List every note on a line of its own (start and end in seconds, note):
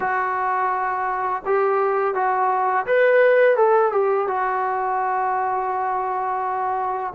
0.00 1.42 F#4
1.45 2.14 G4
2.14 2.86 F#4
2.86 3.56 B4
3.56 3.92 A4
3.92 4.27 G4
4.27 7.13 F#4